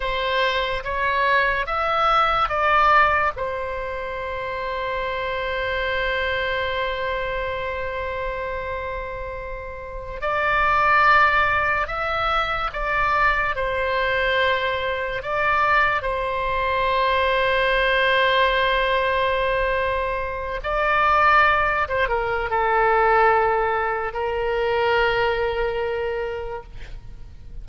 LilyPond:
\new Staff \with { instrumentName = "oboe" } { \time 4/4 \tempo 4 = 72 c''4 cis''4 e''4 d''4 | c''1~ | c''1~ | c''16 d''2 e''4 d''8.~ |
d''16 c''2 d''4 c''8.~ | c''1~ | c''8. d''4. c''16 ais'8 a'4~ | a'4 ais'2. | }